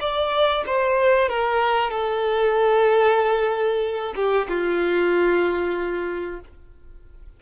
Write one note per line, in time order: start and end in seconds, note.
0.00 0.64 D5
0.66 1.29 C5
1.29 1.90 A#4
1.90 4.13 A4
4.15 4.47 G4
4.48 6.40 F4